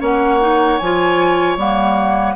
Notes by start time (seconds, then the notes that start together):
0.00 A#3 C#4 C#5 F#5
0.40 D#4
0.78 F3 F4 G#5
1.56 G3 A#3 F#5